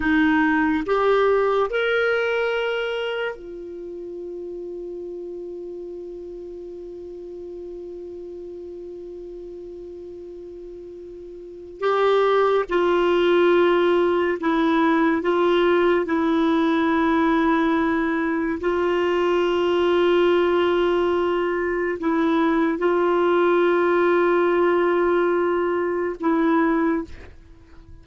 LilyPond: \new Staff \with { instrumentName = "clarinet" } { \time 4/4 \tempo 4 = 71 dis'4 g'4 ais'2 | f'1~ | f'1~ | f'2 g'4 f'4~ |
f'4 e'4 f'4 e'4~ | e'2 f'2~ | f'2 e'4 f'4~ | f'2. e'4 | }